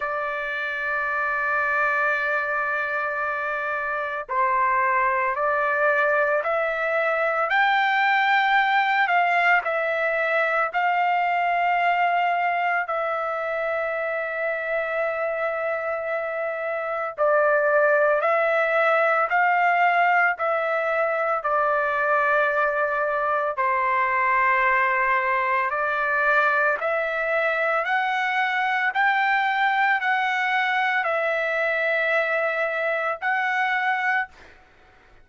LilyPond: \new Staff \with { instrumentName = "trumpet" } { \time 4/4 \tempo 4 = 56 d''1 | c''4 d''4 e''4 g''4~ | g''8 f''8 e''4 f''2 | e''1 |
d''4 e''4 f''4 e''4 | d''2 c''2 | d''4 e''4 fis''4 g''4 | fis''4 e''2 fis''4 | }